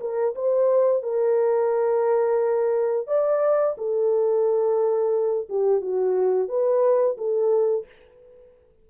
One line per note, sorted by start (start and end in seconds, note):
0.00 0.34 A#4
0.35 1.02 C5
1.02 3.07 A#4
3.07 3.75 D5
3.77 5.48 A4
5.49 5.81 G4
5.81 6.48 F#4
6.48 7.16 B4
7.17 7.85 A4